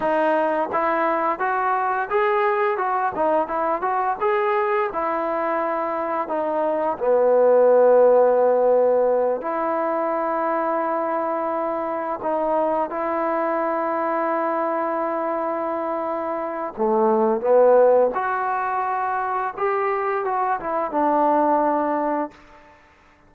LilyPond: \new Staff \with { instrumentName = "trombone" } { \time 4/4 \tempo 4 = 86 dis'4 e'4 fis'4 gis'4 | fis'8 dis'8 e'8 fis'8 gis'4 e'4~ | e'4 dis'4 b2~ | b4. e'2~ e'8~ |
e'4. dis'4 e'4.~ | e'1 | a4 b4 fis'2 | g'4 fis'8 e'8 d'2 | }